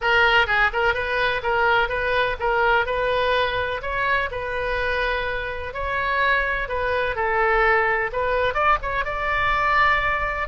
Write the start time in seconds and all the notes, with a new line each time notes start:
0.01 A#4
0.47 G#4
0.72 A#4
0.94 B4
1.42 A#4
1.88 B4
2.39 A#4
2.85 B4
3.81 C#5
4.31 B4
5.73 C#5
6.68 B4
7.15 A4
8.12 B4
8.53 D5
8.81 C#5
9.05 D5